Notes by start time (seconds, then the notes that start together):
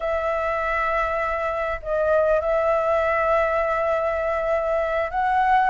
0.00 E5
1.82 D#5
2.40 E5
5.11 F#5